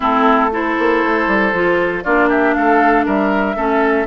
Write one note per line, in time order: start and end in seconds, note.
0.00 0.77 A3
0.00 0.50 C4
0.00 0.50 E4
0.00 0.53 A4
0.51 1.52 E4
0.51 2.04 A4
0.51 2.03 C5
0.78 1.03 A#3
1.03 1.27 A3
1.27 1.52 G3
1.53 2.03 F3
1.53 2.04 F4
2.03 2.56 A#3
2.03 3.56 D4
2.03 2.28 F4
2.03 2.29 D5
2.28 2.54 G4
2.28 2.53 E5
2.53 3.06 A3
2.53 3.05 A4
2.53 3.04 F5
3.05 3.55 G3
3.05 3.56 A#4
3.05 4.07 E5
3.55 4.06 A3
3.55 4.07 C#4
3.55 4.06 A4